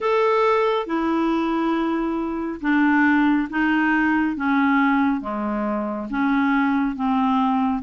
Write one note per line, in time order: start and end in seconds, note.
0.00 0.86 A4
0.86 2.60 E4
2.61 3.48 D4
3.50 4.36 D#4
4.36 5.20 C#4
5.20 6.07 G#3
6.10 6.95 C#4
6.95 7.82 C4